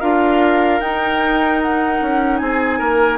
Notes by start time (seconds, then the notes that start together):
0.00 D4 F4 A#4 F5
0.80 D#4 G5
1.62 F#5
2.01 C#4
2.38 C4 G#4 G#5
2.78 A#3 A#4